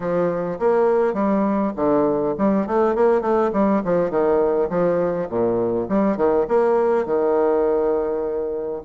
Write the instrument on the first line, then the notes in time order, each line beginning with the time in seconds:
bassoon
0.00 F3
0.59 A#3
1.13 G3
1.76 D3
2.37 G3
2.66 A3
2.95 A#3
3.21 A3
3.53 G3
3.84 F3
4.10 D#3
4.69 F3
5.29 A#2
5.89 G3
6.17 D#3
6.48 A#3
7.05 D#3